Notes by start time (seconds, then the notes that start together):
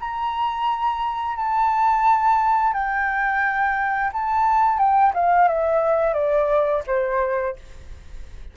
0.00 A#5
1.36 A5
2.73 G5
4.13 A5
4.78 G5
5.14 F5
5.48 E5
6.14 D5
6.87 C5